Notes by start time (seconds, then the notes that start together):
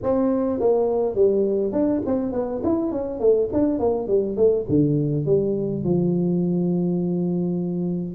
0.02 C4
0.60 A#3
1.15 G3
1.72 D4
2.05 C4
2.32 B3
2.63 E4
2.91 C#4
3.20 A3
3.52 D4
3.79 A#3
4.07 G3
4.36 A3
4.68 D3
5.25 G3
5.84 F3